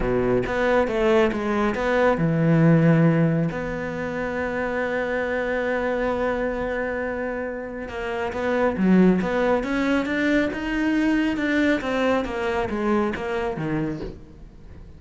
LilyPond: \new Staff \with { instrumentName = "cello" } { \time 4/4 \tempo 4 = 137 b,4 b4 a4 gis4 | b4 e2. | b1~ | b1~ |
b2 ais4 b4 | fis4 b4 cis'4 d'4 | dis'2 d'4 c'4 | ais4 gis4 ais4 dis4 | }